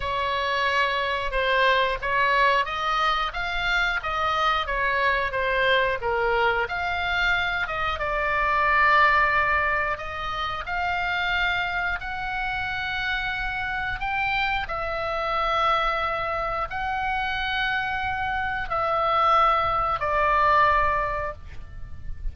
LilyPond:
\new Staff \with { instrumentName = "oboe" } { \time 4/4 \tempo 4 = 90 cis''2 c''4 cis''4 | dis''4 f''4 dis''4 cis''4 | c''4 ais'4 f''4. dis''8 | d''2. dis''4 |
f''2 fis''2~ | fis''4 g''4 e''2~ | e''4 fis''2. | e''2 d''2 | }